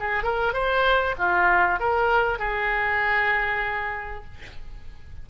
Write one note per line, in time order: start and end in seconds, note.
0.00 0.24 G#4
0.24 0.54 A#4
0.54 1.16 C5
1.19 1.80 F4
1.80 2.39 A#4
2.39 4.25 G#4